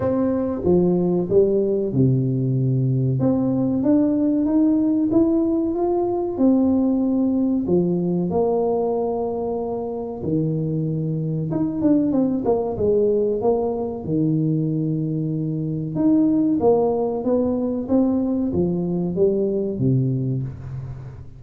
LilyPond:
\new Staff \with { instrumentName = "tuba" } { \time 4/4 \tempo 4 = 94 c'4 f4 g4 c4~ | c4 c'4 d'4 dis'4 | e'4 f'4 c'2 | f4 ais2. |
dis2 dis'8 d'8 c'8 ais8 | gis4 ais4 dis2~ | dis4 dis'4 ais4 b4 | c'4 f4 g4 c4 | }